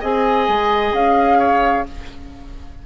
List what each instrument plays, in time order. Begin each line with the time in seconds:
0.00 bassoon C4, clarinet G#4, oboe D#5, flute G#5
0.48 bassoon G#3
0.92 bassoon C#4, flute F5
1.38 oboe C#5